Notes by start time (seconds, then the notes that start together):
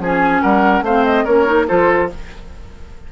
0.00 F3 C#4 G#4 G#5
0.42 G3 A#4 F#5
0.82 A3 C4 C5 F5
1.05 D#5
1.25 A#3 C#4 A#4 C#5
1.46 D#4
1.68 F3 F4 A4 C5